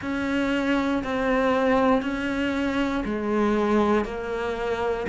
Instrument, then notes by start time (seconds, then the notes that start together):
cello
0.01 C#4
1.03 C4
2.02 C#4
3.04 G#3
4.04 A#3